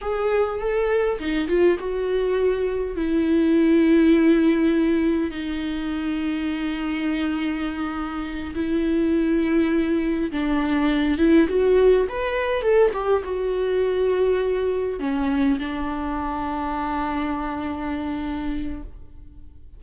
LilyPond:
\new Staff \with { instrumentName = "viola" } { \time 4/4 \tempo 4 = 102 gis'4 a'4 dis'8 f'8 fis'4~ | fis'4 e'2.~ | e'4 dis'2.~ | dis'2~ dis'8 e'4.~ |
e'4. d'4. e'8 fis'8~ | fis'8 b'4 a'8 g'8 fis'4.~ | fis'4. cis'4 d'4.~ | d'1 | }